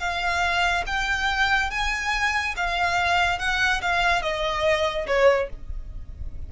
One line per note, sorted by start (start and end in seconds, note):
0.00 0.85 F5
0.87 1.71 G5
1.71 2.55 G#5
2.57 3.39 F5
3.39 3.82 F#5
3.82 4.22 F5
4.22 5.07 D#5
5.07 5.49 C#5